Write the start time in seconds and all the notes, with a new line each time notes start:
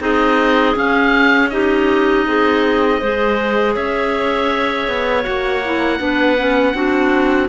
0.00 C4 D#4 G#4 D#5
0.75 C#4 F5
1.50 D#4 G4 D#5
2.27 C4 G#4
3.00 G#3 G#4 C5
3.75 C#4 C#5 E5
4.88 B3
5.24 A#3 F#4 F#5
5.65 E4
5.99 B3 D4 B4
6.38 C#4
6.74 C4 D4 F#4